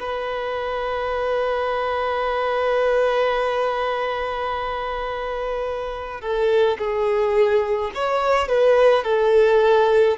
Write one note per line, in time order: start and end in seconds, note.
0.00 6.21 B4
6.21 6.78 A4
6.78 7.91 G#4
7.95 8.49 C#5
8.49 9.04 B4
9.04 10.17 A4